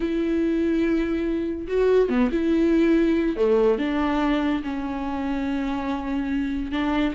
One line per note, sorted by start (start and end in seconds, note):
0.00 1.67 E4
1.67 2.09 F#4
2.09 2.30 B3
2.31 3.36 E4
3.36 3.78 A3
3.78 4.62 D4
4.63 6.71 C#4
6.71 7.13 D4